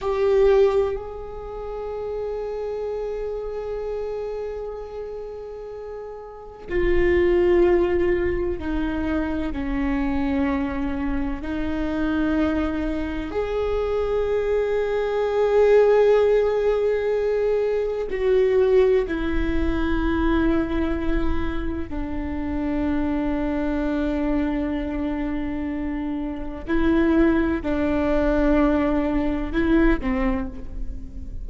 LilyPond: \new Staff \with { instrumentName = "viola" } { \time 4/4 \tempo 4 = 63 g'4 gis'2.~ | gis'2. f'4~ | f'4 dis'4 cis'2 | dis'2 gis'2~ |
gis'2. fis'4 | e'2. d'4~ | d'1 | e'4 d'2 e'8 c'8 | }